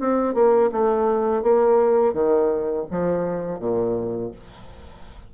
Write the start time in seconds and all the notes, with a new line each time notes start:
0.00 C4
0.34 A#3
0.72 A3
1.43 A#3
2.14 D#3
2.90 F3
3.59 A#2